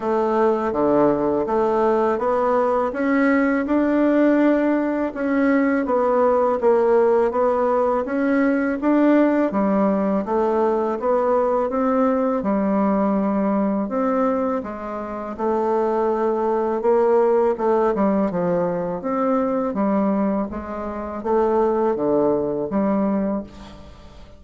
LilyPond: \new Staff \with { instrumentName = "bassoon" } { \time 4/4 \tempo 4 = 82 a4 d4 a4 b4 | cis'4 d'2 cis'4 | b4 ais4 b4 cis'4 | d'4 g4 a4 b4 |
c'4 g2 c'4 | gis4 a2 ais4 | a8 g8 f4 c'4 g4 | gis4 a4 d4 g4 | }